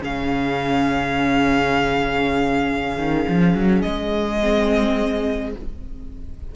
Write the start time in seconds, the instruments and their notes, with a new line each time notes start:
0.00 cello C#3, viola C#4, violin G#4 F5
2.97 cello D#3
3.29 cello F3
3.54 cello F#3
3.82 cello G#3, violin D#5
4.42 viola C4